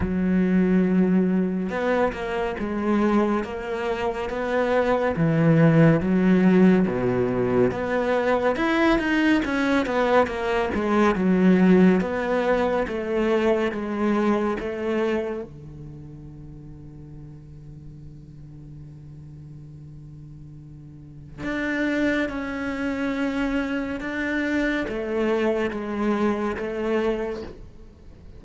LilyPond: \new Staff \with { instrumentName = "cello" } { \time 4/4 \tempo 4 = 70 fis2 b8 ais8 gis4 | ais4 b4 e4 fis4 | b,4 b4 e'8 dis'8 cis'8 b8 | ais8 gis8 fis4 b4 a4 |
gis4 a4 d2~ | d1~ | d4 d'4 cis'2 | d'4 a4 gis4 a4 | }